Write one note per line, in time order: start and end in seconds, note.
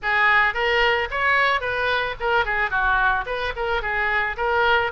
0.02 0.53 G#4
0.53 1.08 A#4
1.10 1.60 C#5
1.60 2.15 B4
2.20 2.45 A#4
2.45 2.70 G#4
2.70 3.25 F#4
3.26 3.53 B4
3.56 3.82 A#4
3.82 4.36 G#4
4.37 4.91 A#4